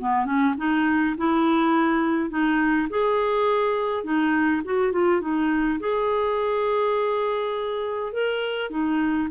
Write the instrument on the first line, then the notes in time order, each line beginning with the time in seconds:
clarinet
0.00 B3
0.26 C#4
0.58 D#4
1.18 E4
2.30 D#4
2.90 G#4
4.04 D#4
4.65 F#4
4.92 F4
5.21 D#4
5.80 G#4
8.13 A#4
8.71 D#4